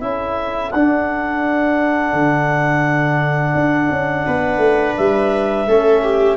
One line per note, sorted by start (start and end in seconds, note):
0.00 0.72 C#4
0.00 0.71 E4
0.00 4.26 A4
0.00 0.71 E5
0.71 2.13 D4
0.71 5.68 D4
0.71 4.94 F#5
2.13 3.54 D3
3.54 3.89 D4
3.90 4.26 C#4
4.26 4.58 B3
4.26 5.67 B4
4.58 4.93 A3
4.96 5.66 G3
4.96 6.36 E5
5.66 6.36 A3
5.66 6.36 C#4
5.66 6.03 A4
6.03 6.36 G4